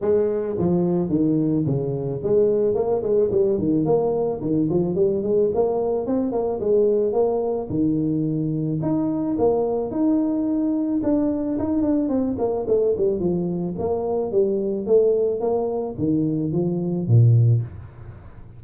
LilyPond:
\new Staff \with { instrumentName = "tuba" } { \time 4/4 \tempo 4 = 109 gis4 f4 dis4 cis4 | gis4 ais8 gis8 g8 dis8 ais4 | dis8 f8 g8 gis8 ais4 c'8 ais8 | gis4 ais4 dis2 |
dis'4 ais4 dis'2 | d'4 dis'8 d'8 c'8 ais8 a8 g8 | f4 ais4 g4 a4 | ais4 dis4 f4 ais,4 | }